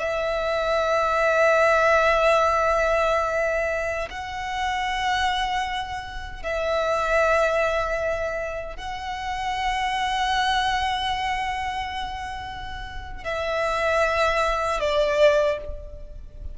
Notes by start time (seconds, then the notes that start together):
0.00 E5
4.11 F#5
6.43 E5
8.77 F#5
13.25 E5
14.81 D5